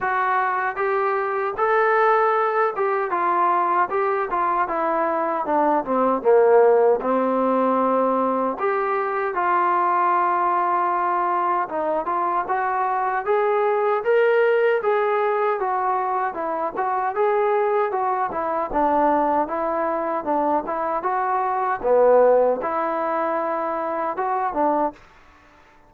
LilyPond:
\new Staff \with { instrumentName = "trombone" } { \time 4/4 \tempo 4 = 77 fis'4 g'4 a'4. g'8 | f'4 g'8 f'8 e'4 d'8 c'8 | ais4 c'2 g'4 | f'2. dis'8 f'8 |
fis'4 gis'4 ais'4 gis'4 | fis'4 e'8 fis'8 gis'4 fis'8 e'8 | d'4 e'4 d'8 e'8 fis'4 | b4 e'2 fis'8 d'8 | }